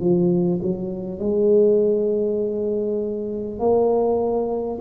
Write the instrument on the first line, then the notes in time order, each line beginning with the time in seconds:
tuba
0.00 F3
0.62 F#3
1.19 G#3
3.59 A#3